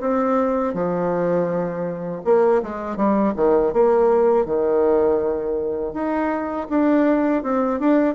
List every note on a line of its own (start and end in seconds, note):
0.00 0.74 C4
0.74 2.22 F3
2.25 2.62 A#3
2.62 2.96 G#3
2.96 3.33 G3
3.36 3.73 D#3
3.73 4.45 A#3
4.45 5.93 D#3
5.93 6.67 D#4
6.69 7.43 D4
7.43 7.80 C4
7.80 8.14 D4